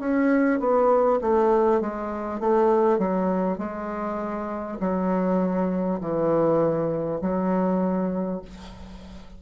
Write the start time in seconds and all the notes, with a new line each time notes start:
0.00 C#4
0.60 B3
1.21 A3
1.81 G#3
2.41 A3
2.98 F#3
3.58 G#3
4.81 F#3
6.01 E3
7.22 F#3